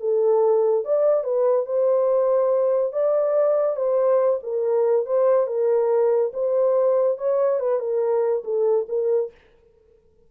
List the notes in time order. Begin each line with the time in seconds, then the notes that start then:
0.00 A4
0.85 D5
1.24 B4
1.66 C5
2.93 D5
3.76 C5
4.43 A#4
5.06 C5
5.47 A#4
6.34 C5
7.18 C#5
7.60 B4
7.80 A#4
8.44 A4
8.89 A#4